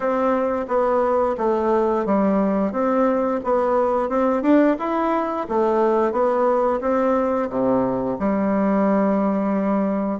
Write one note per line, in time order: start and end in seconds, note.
0.00 0.65 C4
0.68 1.36 B3
1.37 2.05 A3
2.05 2.72 G3
2.72 3.40 C4
3.44 4.09 B3
4.09 4.42 C4
4.42 4.76 D4
4.79 5.47 E4
5.49 6.11 A3
6.11 6.80 B3
6.81 7.49 C4
7.49 8.17 C3
8.19 10.19 G3